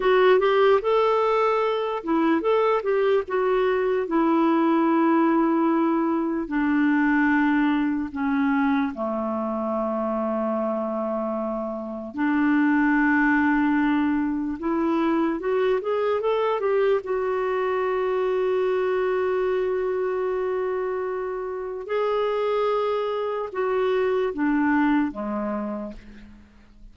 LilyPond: \new Staff \with { instrumentName = "clarinet" } { \time 4/4 \tempo 4 = 74 fis'8 g'8 a'4. e'8 a'8 g'8 | fis'4 e'2. | d'2 cis'4 a4~ | a2. d'4~ |
d'2 e'4 fis'8 gis'8 | a'8 g'8 fis'2.~ | fis'2. gis'4~ | gis'4 fis'4 d'4 gis4 | }